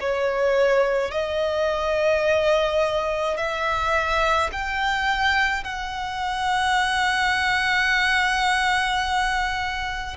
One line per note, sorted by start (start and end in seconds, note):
0.00 1.11 C#5
1.11 3.37 D#5
3.37 4.50 E5
4.52 5.64 G5
5.64 10.17 F#5